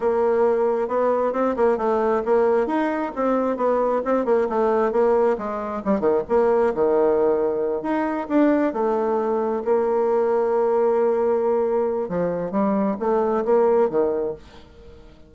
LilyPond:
\new Staff \with { instrumentName = "bassoon" } { \time 4/4 \tempo 4 = 134 ais2 b4 c'8 ais8 | a4 ais4 dis'4 c'4 | b4 c'8 ais8 a4 ais4 | gis4 g8 dis8 ais4 dis4~ |
dis4. dis'4 d'4 a8~ | a4. ais2~ ais8~ | ais2. f4 | g4 a4 ais4 dis4 | }